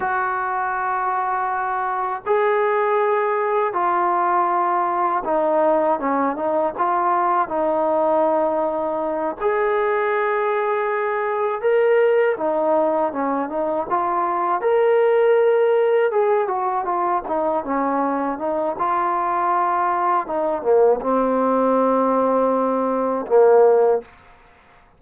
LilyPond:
\new Staff \with { instrumentName = "trombone" } { \time 4/4 \tempo 4 = 80 fis'2. gis'4~ | gis'4 f'2 dis'4 | cis'8 dis'8 f'4 dis'2~ | dis'8 gis'2. ais'8~ |
ais'8 dis'4 cis'8 dis'8 f'4 ais'8~ | ais'4. gis'8 fis'8 f'8 dis'8 cis'8~ | cis'8 dis'8 f'2 dis'8 ais8 | c'2. ais4 | }